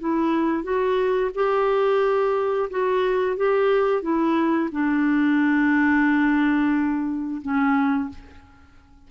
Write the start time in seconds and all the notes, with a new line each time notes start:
0.00 E4
0.64 F#4
1.35 G4
2.70 F#4
3.37 G4
4.02 E4
4.72 D4
7.42 C#4